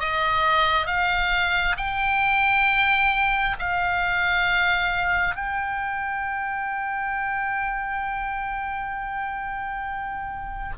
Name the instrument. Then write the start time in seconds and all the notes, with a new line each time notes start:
oboe
0.00 D#5
0.87 F5
1.77 G5
3.59 F5
5.35 G5